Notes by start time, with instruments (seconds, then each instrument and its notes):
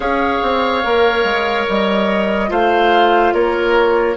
0.00 bassoon C#4, clarinet G#4, oboe C#5, flute F5
0.42 bassoon C4
0.83 bassoon A#3, clarinet A#4
1.24 bassoon G#3
1.68 bassoon G3, flute D#5
2.48 bassoon A3, clarinet F4, oboe C5, flute F5
3.33 bassoon A#3, oboe A#4, flute C#5